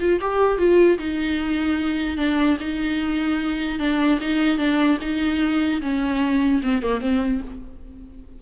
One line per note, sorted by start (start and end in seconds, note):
0.00 0.20 F4
0.21 0.58 G4
0.58 0.98 F4
0.98 2.17 D#4
2.17 2.57 D4
2.60 3.79 D#4
3.79 4.19 D4
4.21 4.58 D#4
4.58 4.98 D4
5.01 5.81 D#4
5.82 6.62 C#4
6.63 6.82 C4
6.82 7.01 A#3
7.01 7.41 C4